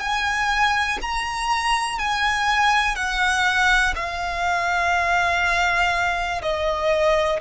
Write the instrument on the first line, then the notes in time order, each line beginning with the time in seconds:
violin
0.00 G#5
1.02 A#5
1.99 G#5
2.96 F#5
3.96 F5
6.42 D#5